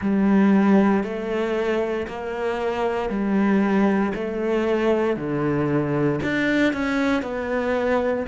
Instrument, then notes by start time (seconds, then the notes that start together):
cello
0.01 G3
1.03 A3
2.07 A#3
3.09 G3
4.14 A3
5.16 D3
6.23 D4
6.73 C#4
7.22 B3